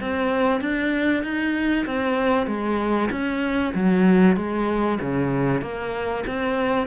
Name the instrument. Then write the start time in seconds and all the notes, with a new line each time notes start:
cello
0.00 C4
0.61 D4
1.23 D#4
1.86 C4
2.47 G#3
3.11 C#4
3.74 F#3
4.36 G#3
5.01 C#3
5.62 A#3
6.27 C4